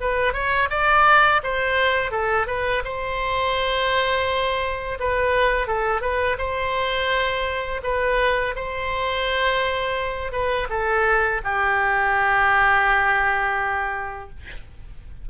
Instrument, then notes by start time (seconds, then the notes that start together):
oboe
0.00 B4
0.33 C#5
0.70 D5
1.43 C5
2.11 A4
2.47 B4
2.84 C5
4.99 B4
5.67 A4
6.01 B4
6.38 C5
7.83 B4
8.56 C5
10.32 B4
10.69 A4
11.44 G4